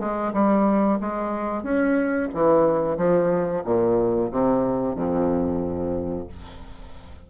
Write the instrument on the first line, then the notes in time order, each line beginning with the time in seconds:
bassoon
0.00 G#3
0.34 G3
1.01 G#3
1.64 C#4
2.35 E3
2.98 F3
3.65 A#2
4.32 C3
4.96 F2